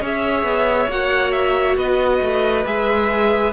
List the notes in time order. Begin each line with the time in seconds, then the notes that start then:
0.00 C#4 G#4 C#5 E5
0.43 B3
0.89 A#3 F#4 F#5
1.31 E5
1.76 B3 B4 D#5
2.21 A3
2.65 G#3 G#4 E5